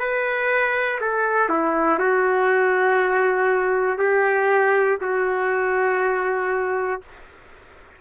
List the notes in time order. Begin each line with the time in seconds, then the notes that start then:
0.00 B4
1.01 A4
1.50 E4
1.99 F#4
3.99 G4
5.02 F#4